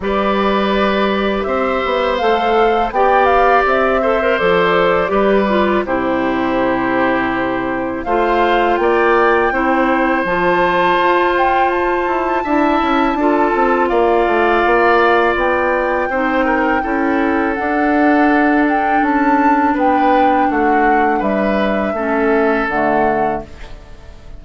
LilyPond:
<<
  \new Staff \with { instrumentName = "flute" } { \time 4/4 \tempo 4 = 82 d''2 e''4 f''4 | g''8 f''8 e''4 d''2 | c''2. f''4 | g''2 a''4. g''8 |
a''2. f''4~ | f''4 g''2. | fis''4. g''8 a''4 g''4 | fis''4 e''2 fis''4 | }
  \new Staff \with { instrumentName = "oboe" } { \time 4/4 b'2 c''2 | d''4. c''4. b'4 | g'2. c''4 | d''4 c''2.~ |
c''4 e''4 a'4 d''4~ | d''2 c''8 ais'8 a'4~ | a'2. b'4 | fis'4 b'4 a'2 | }
  \new Staff \with { instrumentName = "clarinet" } { \time 4/4 g'2. a'4 | g'4. a'16 ais'16 a'4 g'8 f'8 | e'2. f'4~ | f'4 e'4 f'2~ |
f'4 e'4 f'2~ | f'2 dis'4 e'4 | d'1~ | d'2 cis'4 a4 | }
  \new Staff \with { instrumentName = "bassoon" } { \time 4/4 g2 c'8 b8 a4 | b4 c'4 f4 g4 | c2. a4 | ais4 c'4 f4 f'4~ |
f'8 e'8 d'8 cis'8 d'8 c'8 ais8 a8 | ais4 b4 c'4 cis'4 | d'2 cis'4 b4 | a4 g4 a4 d4 | }
>>